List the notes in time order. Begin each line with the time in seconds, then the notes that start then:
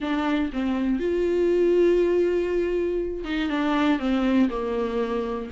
0.00 D4
0.53 C4
0.99 F4
3.24 D#4
3.49 D4
3.99 C4
4.49 A#3